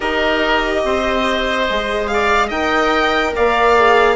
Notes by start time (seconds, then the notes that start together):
0.00 D#4 G4 A#4 D#5
0.84 C4 C5
1.69 G#3 G#4
2.07 F5
2.13 D5
2.47 D#4 A#4 D#5 G5
3.35 A#3 D5 F5
3.77 G#4